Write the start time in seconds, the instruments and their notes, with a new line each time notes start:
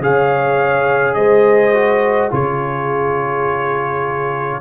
0.00 tuba C#3, trombone G#4, horn C#5, trumpet F5
1.14 tuba G#3, horn C5, trumpet D#5
1.74 trombone F#4
2.31 tuba C#3, trombone F4, horn G#4, trumpet C#5